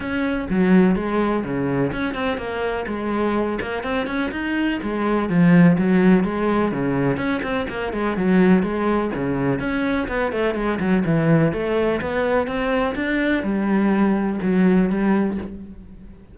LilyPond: \new Staff \with { instrumentName = "cello" } { \time 4/4 \tempo 4 = 125 cis'4 fis4 gis4 cis4 | cis'8 c'8 ais4 gis4. ais8 | c'8 cis'8 dis'4 gis4 f4 | fis4 gis4 cis4 cis'8 c'8 |
ais8 gis8 fis4 gis4 cis4 | cis'4 b8 a8 gis8 fis8 e4 | a4 b4 c'4 d'4 | g2 fis4 g4 | }